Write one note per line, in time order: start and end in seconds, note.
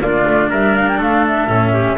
0.00 0.25 A#3
0.00 1.49 D4
0.00 0.50 F4
0.00 0.51 D5
0.28 0.51 A3
0.50 0.99 G3
0.50 0.98 A#4
0.50 0.76 E5
0.76 0.88 F5
0.88 1.01 G5
0.98 1.48 A3
0.98 1.72 A4
0.98 1.27 F5
1.27 1.98 E5
1.48 1.98 A2
1.48 1.98 C#4
1.74 1.98 G4